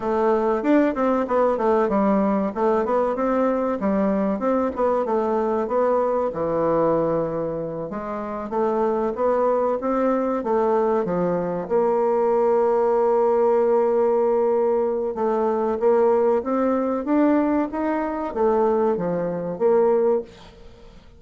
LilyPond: \new Staff \with { instrumentName = "bassoon" } { \time 4/4 \tempo 4 = 95 a4 d'8 c'8 b8 a8 g4 | a8 b8 c'4 g4 c'8 b8 | a4 b4 e2~ | e8 gis4 a4 b4 c'8~ |
c'8 a4 f4 ais4.~ | ais1 | a4 ais4 c'4 d'4 | dis'4 a4 f4 ais4 | }